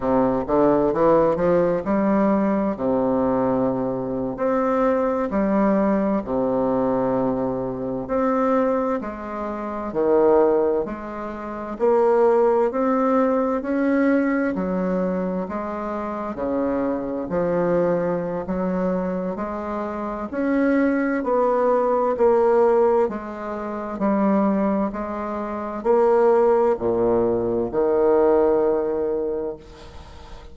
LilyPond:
\new Staff \with { instrumentName = "bassoon" } { \time 4/4 \tempo 4 = 65 c8 d8 e8 f8 g4 c4~ | c8. c'4 g4 c4~ c16~ | c8. c'4 gis4 dis4 gis16~ | gis8. ais4 c'4 cis'4 fis16~ |
fis8. gis4 cis4 f4~ f16 | fis4 gis4 cis'4 b4 | ais4 gis4 g4 gis4 | ais4 ais,4 dis2 | }